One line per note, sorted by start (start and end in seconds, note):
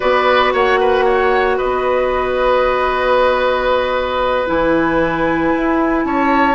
0.00 0.53 B3
0.00 4.46 F#4
0.00 0.53 B4
0.00 0.53 D5
0.53 1.58 A#3
0.53 0.79 C#5
0.53 1.58 F#5
0.79 1.04 B4
1.04 1.57 C#5
1.57 4.48 B3
1.57 6.04 B4
1.57 4.47 D#5
4.46 5.53 E3
4.46 6.55 E4
4.46 6.04 G#5
5.55 6.04 E4
6.04 6.55 C#4
6.04 6.55 C#5
6.04 6.55 A5